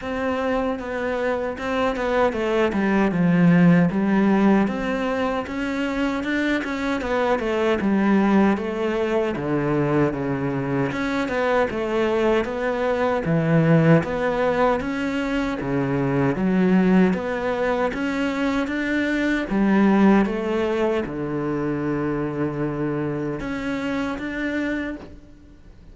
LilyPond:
\new Staff \with { instrumentName = "cello" } { \time 4/4 \tempo 4 = 77 c'4 b4 c'8 b8 a8 g8 | f4 g4 c'4 cis'4 | d'8 cis'8 b8 a8 g4 a4 | d4 cis4 cis'8 b8 a4 |
b4 e4 b4 cis'4 | cis4 fis4 b4 cis'4 | d'4 g4 a4 d4~ | d2 cis'4 d'4 | }